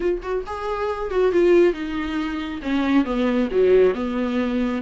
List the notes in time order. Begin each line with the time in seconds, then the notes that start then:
0.00 F4
0.22 F#4
0.46 G#4
1.11 F#4
1.32 F4
1.73 D#4
2.62 C#4
3.04 B3
3.51 F#3
3.94 B3